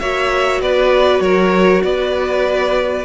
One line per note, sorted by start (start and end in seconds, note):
0.00 0.62 A#3
0.00 3.05 F#4
0.00 0.62 C#5
0.00 0.61 E5
0.62 1.20 B3
0.62 1.23 B4
0.62 1.21 D5
1.20 1.82 F#3
1.20 1.84 A#4
1.20 1.83 C#5
1.83 3.05 B3
1.83 3.05 B4
1.83 3.05 D5